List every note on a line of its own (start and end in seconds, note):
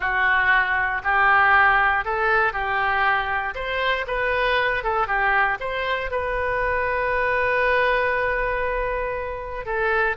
0.00 1.02 F#4
1.03 2.05 G4
2.05 2.52 A4
2.52 3.54 G4
3.54 4.05 C5
4.07 4.83 B4
4.83 5.07 A4
5.07 5.57 G4
5.59 6.10 C5
6.10 9.65 B4
9.65 10.16 A4